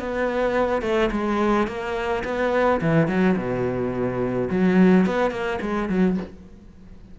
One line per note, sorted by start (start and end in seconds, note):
0.00 0.82 B3
0.82 1.10 A3
1.12 1.67 G#3
1.67 2.24 A#3
2.25 2.81 B3
2.81 3.08 E3
3.08 3.36 F#3
3.37 4.49 B2
4.51 5.07 F#3
5.07 5.31 B3
5.31 5.59 A#3
5.62 5.89 G#3
5.89 6.17 F#3